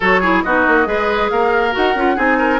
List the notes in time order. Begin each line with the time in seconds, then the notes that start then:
0.00 F#3 F#4 A4 C#5
0.20 E4 G#4
0.43 B3 D#4 F#4 D#5
0.67 A#3
0.85 G#3 G#4 B4
1.30 A#3 A#4 F5
1.72 D#4 F#4 F#5
1.94 C#4 F4
2.15 C4 D#4 G#4 G#5
2.38 A#4